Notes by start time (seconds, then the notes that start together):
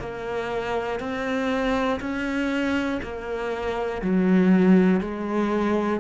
0.00 A#3
1.00 C4
2.01 C#4
3.03 A#3
4.02 F#3
5.01 G#3